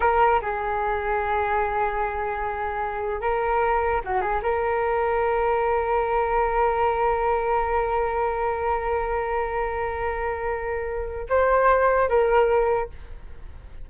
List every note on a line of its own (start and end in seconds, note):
0.00 0.40 A#4
0.41 3.20 G#4
3.20 4.01 A#4
4.04 4.21 F#4
4.21 4.41 G#4
4.42 11.27 A#4
11.29 12.08 C5
12.08 12.89 A#4